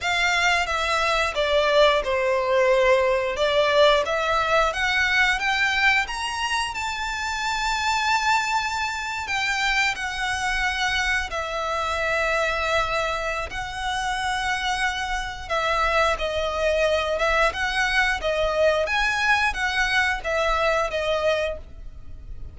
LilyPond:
\new Staff \with { instrumentName = "violin" } { \time 4/4 \tempo 4 = 89 f''4 e''4 d''4 c''4~ | c''4 d''4 e''4 fis''4 | g''4 ais''4 a''2~ | a''4.~ a''16 g''4 fis''4~ fis''16~ |
fis''8. e''2.~ e''16 | fis''2. e''4 | dis''4. e''8 fis''4 dis''4 | gis''4 fis''4 e''4 dis''4 | }